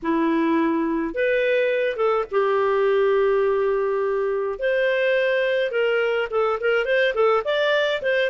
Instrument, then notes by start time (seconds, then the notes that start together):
clarinet
0.02 E4
1.14 B4
1.96 A4
2.31 G4
4.59 C5
5.71 A#4
6.30 A4
6.60 A#4
6.85 C5
7.14 A4
7.44 D5
8.02 C5